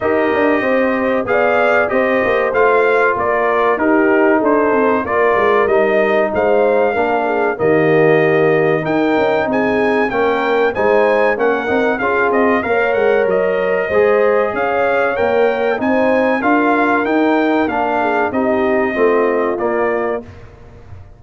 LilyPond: <<
  \new Staff \with { instrumentName = "trumpet" } { \time 4/4 \tempo 4 = 95 dis''2 f''4 dis''4 | f''4 d''4 ais'4 c''4 | d''4 dis''4 f''2 | dis''2 g''4 gis''4 |
g''4 gis''4 fis''4 f''8 dis''8 | f''8 fis''8 dis''2 f''4 | g''4 gis''4 f''4 g''4 | f''4 dis''2 d''4 | }
  \new Staff \with { instrumentName = "horn" } { \time 4/4 ais'4 c''4 d''4 c''4~ | c''4 ais'4 g'4 a'4 | ais'2 c''4 ais'8 gis'8 | g'2 ais'4 gis'4 |
ais'4 c''4 ais'4 gis'4 | cis''2 c''4 cis''4~ | cis''4 c''4 ais'2~ | ais'8 gis'8 g'4 f'2 | }
  \new Staff \with { instrumentName = "trombone" } { \time 4/4 g'2 gis'4 g'4 | f'2 dis'2 | f'4 dis'2 d'4 | ais2 dis'2 |
cis'4 dis'4 cis'8 dis'8 f'4 | ais'2 gis'2 | ais'4 dis'4 f'4 dis'4 | d'4 dis'4 c'4 ais4 | }
  \new Staff \with { instrumentName = "tuba" } { \time 4/4 dis'8 d'8 c'4 b4 c'8 ais8 | a4 ais4 dis'4 d'8 c'8 | ais8 gis8 g4 gis4 ais4 | dis2 dis'8 cis'8 c'4 |
ais4 gis4 ais8 c'8 cis'8 c'8 | ais8 gis8 fis4 gis4 cis'4 | ais4 c'4 d'4 dis'4 | ais4 c'4 a4 ais4 | }
>>